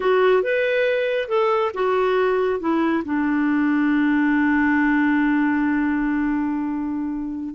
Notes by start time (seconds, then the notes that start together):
0.00 F#4
0.42 B4
1.28 A4
1.74 F#4
2.60 E4
3.04 D4